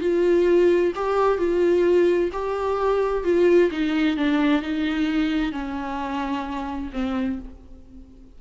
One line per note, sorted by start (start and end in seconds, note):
0.00 0.92 F4
0.95 1.38 G4
1.38 2.30 F4
2.32 3.24 G4
3.24 3.70 F4
3.71 4.16 D#4
4.16 4.62 D4
4.62 5.51 D#4
5.51 6.90 C#4
6.92 7.38 C4